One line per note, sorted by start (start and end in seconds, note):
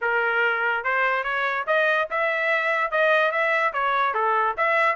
0.01 0.84 A#4
0.84 1.23 C5
1.23 1.65 C#5
1.67 2.08 D#5
2.10 2.91 E5
2.91 3.31 D#5
3.31 3.72 E5
3.73 4.14 C#5
4.14 4.55 A4
4.57 4.95 E5